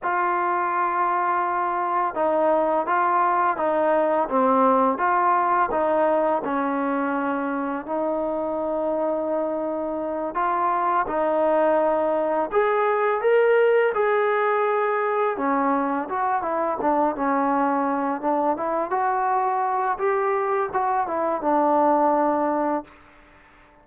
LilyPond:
\new Staff \with { instrumentName = "trombone" } { \time 4/4 \tempo 4 = 84 f'2. dis'4 | f'4 dis'4 c'4 f'4 | dis'4 cis'2 dis'4~ | dis'2~ dis'8 f'4 dis'8~ |
dis'4. gis'4 ais'4 gis'8~ | gis'4. cis'4 fis'8 e'8 d'8 | cis'4. d'8 e'8 fis'4. | g'4 fis'8 e'8 d'2 | }